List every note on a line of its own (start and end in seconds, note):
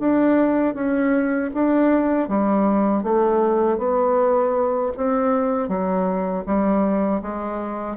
0.00 0.75 D4
0.75 1.51 C#4
1.54 2.29 D4
2.29 3.04 G3
3.04 3.78 A3
3.78 4.92 B3
4.97 5.69 C4
5.69 6.45 F#3
6.46 7.22 G3
7.22 7.97 G#3